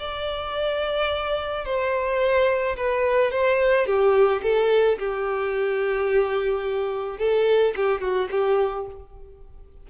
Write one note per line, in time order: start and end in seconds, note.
0.00 1.65 D5
1.65 2.77 C5
2.77 3.32 B4
3.32 3.87 C5
3.87 4.42 G4
4.43 4.99 A4
4.99 7.19 G4
7.19 7.74 A4
7.77 8.02 G4
8.02 8.29 F#4
8.31 8.87 G4